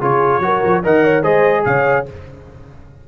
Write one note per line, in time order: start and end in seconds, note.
0.00 0.39 C#3
0.00 0.42 F4
0.00 0.41 G#4
0.00 0.84 C#5
0.39 0.60 F#3
0.39 0.83 F#4
0.39 0.83 A#4
0.64 0.84 F3
0.83 1.24 D#3
0.83 1.23 A#4
0.83 1.03 D#5
0.83 1.23 F#5
1.04 1.22 C#5
1.22 1.65 G#3
1.22 2.05 G#4
1.22 1.63 C5
1.22 1.64 D#5
1.65 2.07 C#3
1.65 2.07 C#5
1.65 2.06 F5